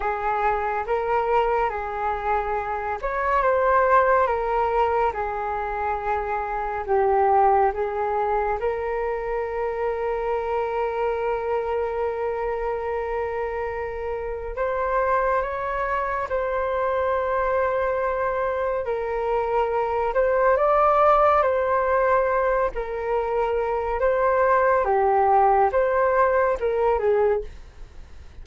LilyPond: \new Staff \with { instrumentName = "flute" } { \time 4/4 \tempo 4 = 70 gis'4 ais'4 gis'4. cis''8 | c''4 ais'4 gis'2 | g'4 gis'4 ais'2~ | ais'1~ |
ais'4 c''4 cis''4 c''4~ | c''2 ais'4. c''8 | d''4 c''4. ais'4. | c''4 g'4 c''4 ais'8 gis'8 | }